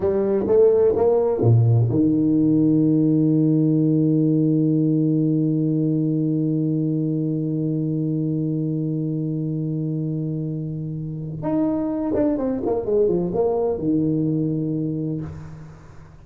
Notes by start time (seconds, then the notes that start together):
0.00 G3
0.47 A3
0.95 A#3
1.41 A#2
1.89 D#3
11.42 D#4
12.14 D4
12.37 C4
12.65 A#3
12.85 G#3
13.08 F3
13.33 A#3
13.78 D#3